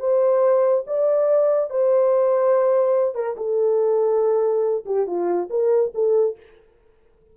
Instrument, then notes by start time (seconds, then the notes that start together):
horn
0.00 C5
0.87 D5
1.70 C5
3.15 A#4
3.37 A4
4.86 G4
5.07 F4
5.50 A#4
5.95 A4